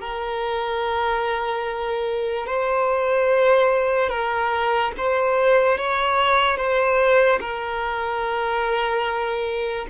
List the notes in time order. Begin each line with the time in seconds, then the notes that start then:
0.00 A#4
2.46 C5
4.09 A#4
4.97 C5
5.77 C#5
6.56 C5
7.40 A#4